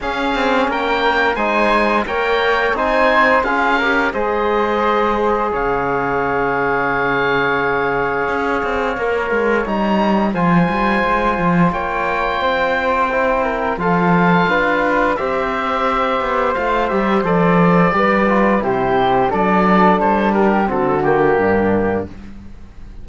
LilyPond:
<<
  \new Staff \with { instrumentName = "oboe" } { \time 4/4 \tempo 4 = 87 f''4 g''4 gis''4 g''4 | gis''4 f''4 dis''2 | f''1~ | f''2 ais''4 gis''4~ |
gis''4 g''2. | f''2 e''2 | f''8 e''8 d''2 c''4 | d''4 c''8 ais'8 a'8 g'4. | }
  \new Staff \with { instrumentName = "flute" } { \time 4/4 gis'4 ais'4 c''4 cis''4 | c''4 gis'8 ais'8 c''2 | cis''1~ | cis''2. c''4~ |
c''4 cis''4 c''4. ais'8 | a'4 b'4 c''2~ | c''2 b'4 g'4 | a'4. g'8 fis'4 d'4 | }
  \new Staff \with { instrumentName = "trombone" } { \time 4/4 cis'2 dis'4 ais'4 | dis'4 f'8 g'8 gis'2~ | gis'1~ | gis'4 ais'4 dis'4 f'4~ |
f'2. e'4 | f'2 g'2 | f'8 g'8 a'4 g'8 f'8 e'4 | d'2 c'8 ais4. | }
  \new Staff \with { instrumentName = "cello" } { \time 4/4 cis'8 c'8 ais4 gis4 ais4 | c'4 cis'4 gis2 | cis1 | cis'8 c'8 ais8 gis8 g4 f8 g8 |
gis8 f8 ais4 c'2 | f4 d'4 c'4. b8 | a8 g8 f4 g4 c4 | fis4 g4 d4 g,4 | }
>>